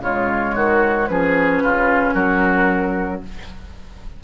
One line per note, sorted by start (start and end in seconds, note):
0.00 0.54 C#3
0.00 1.08 G#3
0.00 0.55 F4
0.00 1.08 C#5
0.55 1.08 D#3
0.55 1.09 F#4
1.08 1.63 F3
1.08 3.24 C#4
1.08 1.63 G#4
1.08 2.14 B4
1.63 2.14 C#3
1.63 2.14 F4
2.14 3.21 F#3
2.14 3.21 F#4
2.14 3.21 A#4